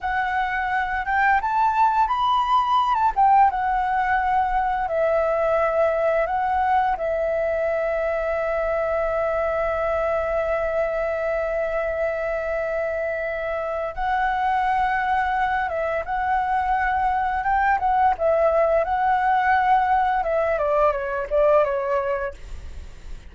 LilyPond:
\new Staff \with { instrumentName = "flute" } { \time 4/4 \tempo 4 = 86 fis''4. g''8 a''4 b''4~ | b''16 a''16 g''8 fis''2 e''4~ | e''4 fis''4 e''2~ | e''1~ |
e''1 | fis''2~ fis''8 e''8 fis''4~ | fis''4 g''8 fis''8 e''4 fis''4~ | fis''4 e''8 d''8 cis''8 d''8 cis''4 | }